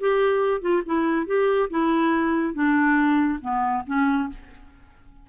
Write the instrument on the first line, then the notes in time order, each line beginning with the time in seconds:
clarinet
0.00 G4
0.61 F4
0.86 E4
1.26 G4
1.70 E4
2.54 D4
3.41 B3
3.86 C#4